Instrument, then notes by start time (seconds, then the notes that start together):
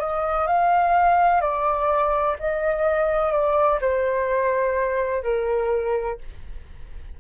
flute
0.00 D#5
0.47 F5
1.41 D5
2.39 D#5
3.32 D5
3.81 C5
5.23 A#4